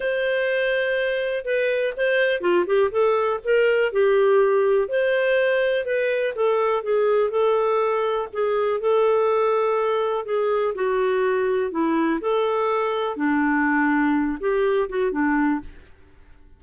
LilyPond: \new Staff \with { instrumentName = "clarinet" } { \time 4/4 \tempo 4 = 123 c''2. b'4 | c''4 f'8 g'8 a'4 ais'4 | g'2 c''2 | b'4 a'4 gis'4 a'4~ |
a'4 gis'4 a'2~ | a'4 gis'4 fis'2 | e'4 a'2 d'4~ | d'4. g'4 fis'8 d'4 | }